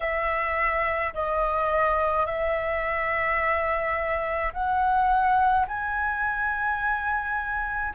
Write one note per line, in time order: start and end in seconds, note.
0.00 1.13 E5
1.14 2.26 D#5
2.26 4.52 E5
4.53 5.66 F#5
5.67 7.93 G#5